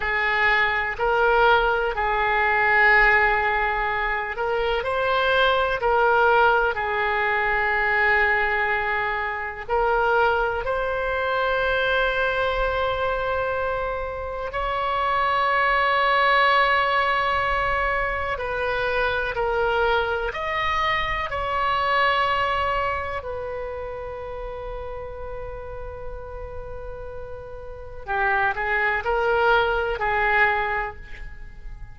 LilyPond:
\new Staff \with { instrumentName = "oboe" } { \time 4/4 \tempo 4 = 62 gis'4 ais'4 gis'2~ | gis'8 ais'8 c''4 ais'4 gis'4~ | gis'2 ais'4 c''4~ | c''2. cis''4~ |
cis''2. b'4 | ais'4 dis''4 cis''2 | b'1~ | b'4 g'8 gis'8 ais'4 gis'4 | }